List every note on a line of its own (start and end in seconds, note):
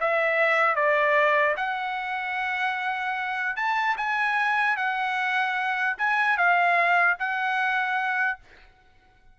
0.00 0.75 E5
0.75 1.55 D5
1.56 3.56 F#5
3.56 3.96 A5
3.97 4.76 G#5
4.76 5.96 F#5
5.97 6.37 G#5
6.37 7.17 F5
7.19 8.39 F#5